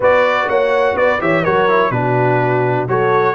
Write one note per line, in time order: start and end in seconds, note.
0.00 0.48 B3
0.00 1.20 F#4
0.00 0.47 B4
0.00 0.49 D5
0.48 0.94 A#3
0.48 0.96 C#5
0.48 0.96 F#5
0.94 1.18 B3
0.94 1.21 B4
0.94 1.20 D5
1.20 1.45 E3
1.20 1.44 G4
1.20 1.42 C#5
1.20 1.44 E5
1.42 1.90 F#3
1.42 1.68 F#4
1.42 1.90 A#4
1.42 1.91 C#5
1.68 1.92 E4
1.90 2.86 B2
1.90 2.88 D4
1.90 2.89 F#4
1.90 2.87 B4
2.88 3.35 F#3
2.88 3.35 F#4
2.88 3.35 A4
2.88 3.35 C#5